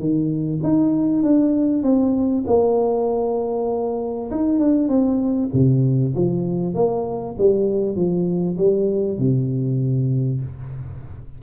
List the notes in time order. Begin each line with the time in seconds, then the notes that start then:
0.00 D#3
0.64 D#4
1.23 D4
1.83 C4
2.47 A#3
4.31 D#4
4.59 D4
4.89 C4
5.54 C3
6.15 F3
6.75 A#3
7.38 G3
7.96 F3
8.58 G3
9.19 C3